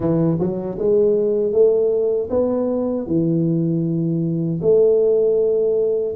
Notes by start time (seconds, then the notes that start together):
0.00 E3
0.39 F#3
0.78 G#3
1.52 A3
2.30 B3
3.06 E3
4.61 A3